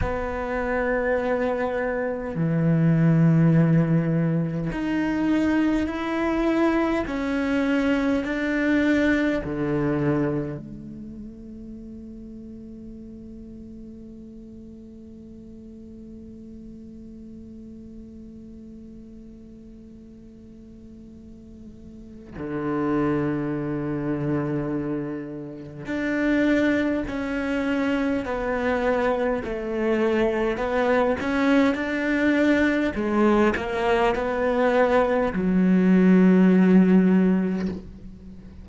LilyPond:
\new Staff \with { instrumentName = "cello" } { \time 4/4 \tempo 4 = 51 b2 e2 | dis'4 e'4 cis'4 d'4 | d4 a2.~ | a1~ |
a2. d4~ | d2 d'4 cis'4 | b4 a4 b8 cis'8 d'4 | gis8 ais8 b4 fis2 | }